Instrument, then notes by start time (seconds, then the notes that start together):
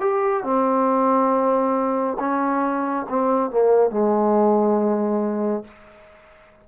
trombone
0.00 G4
0.43 C4
2.19 C#4
3.09 C4
3.51 A#3
3.91 G#3